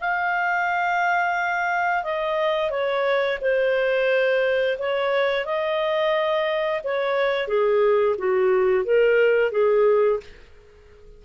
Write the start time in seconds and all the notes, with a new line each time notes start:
0.00 F5
2.03 D#5
2.70 C#5
3.41 C5
4.78 C#5
5.45 D#5
6.83 C#5
7.47 G#4
8.18 F#4
8.84 A#4
9.51 G#4